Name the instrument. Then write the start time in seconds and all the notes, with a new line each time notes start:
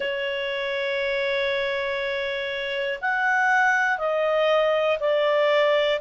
clarinet
0.00 C#5
3.00 F#5
3.98 D#5
5.00 D5